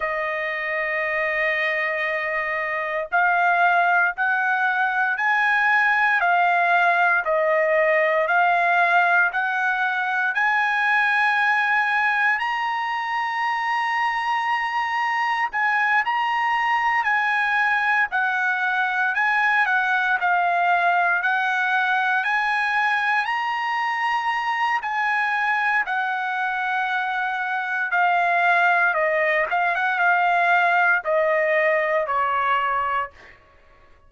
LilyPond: \new Staff \with { instrumentName = "trumpet" } { \time 4/4 \tempo 4 = 58 dis''2. f''4 | fis''4 gis''4 f''4 dis''4 | f''4 fis''4 gis''2 | ais''2. gis''8 ais''8~ |
ais''8 gis''4 fis''4 gis''8 fis''8 f''8~ | f''8 fis''4 gis''4 ais''4. | gis''4 fis''2 f''4 | dis''8 f''16 fis''16 f''4 dis''4 cis''4 | }